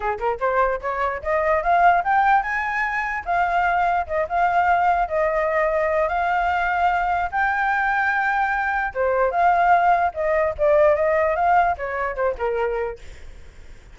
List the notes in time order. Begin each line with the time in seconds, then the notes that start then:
0.00 G#4
0.18 A#4
0.39 C5
0.81 C#5
1.22 D#5
1.63 F5
2.04 G5
2.43 G#5
3.25 F5
4.06 D#5
4.28 F5
5.08 D#5
6.08 F5
7.31 G5
8.94 C5
9.31 F5
10.14 D#5
10.58 D5
10.95 D#5
11.35 F5
11.77 C#5
12.15 C5
12.37 A#4